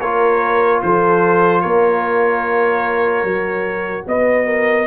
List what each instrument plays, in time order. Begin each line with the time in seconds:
0.00 tuba A#3, trombone F4, horn A#4, trumpet C#5
0.82 tuba F3, horn A4, trumpet C5
1.61 tuba A#3, horn A#4, trumpet C#5
3.24 tuba F#3, trombone F#4
4.07 tuba B3, horn B4, trumpet D#5
4.47 horn A#4